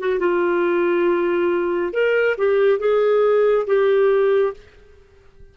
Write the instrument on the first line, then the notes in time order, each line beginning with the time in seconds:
clarinet
0.00 F#4
0.19 F4
1.93 A#4
2.38 G4
2.79 G#4
3.67 G4